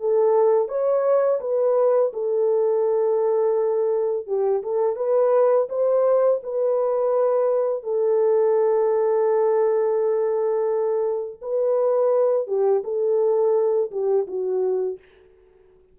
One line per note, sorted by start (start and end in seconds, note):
0.00 0.69 A4
0.69 1.40 C#5
1.41 2.12 B4
2.14 4.27 A4
4.27 4.63 G4
4.63 4.96 A4
4.96 5.68 B4
5.69 6.41 C5
6.44 7.84 B4
7.84 11.41 A4
11.42 12.47 B4
12.47 12.83 G4
12.84 13.91 A4
13.91 14.27 G4
14.28 14.99 F#4